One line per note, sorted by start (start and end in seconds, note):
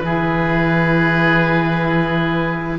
0.00 2.78 E3
0.00 2.79 E4
0.00 2.79 G#4
0.00 2.77 B4